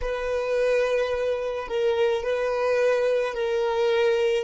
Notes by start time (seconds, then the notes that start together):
0.01 B4
1.68 A#4
2.23 B4
3.34 A#4